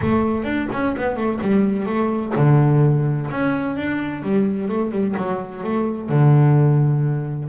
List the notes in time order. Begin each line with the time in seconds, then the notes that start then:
0.01 A3
0.44 D4
0.72 C#4
0.97 B3
1.16 A3
1.41 G3
1.86 A3
2.35 D3
3.30 C#4
3.76 D4
4.22 G3
4.68 A3
4.91 G3
5.17 F#3
5.63 A3
6.09 D3